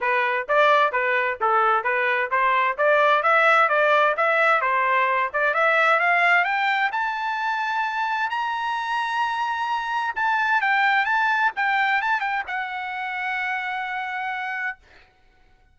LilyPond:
\new Staff \with { instrumentName = "trumpet" } { \time 4/4 \tempo 4 = 130 b'4 d''4 b'4 a'4 | b'4 c''4 d''4 e''4 | d''4 e''4 c''4. d''8 | e''4 f''4 g''4 a''4~ |
a''2 ais''2~ | ais''2 a''4 g''4 | a''4 g''4 a''8 g''8 fis''4~ | fis''1 | }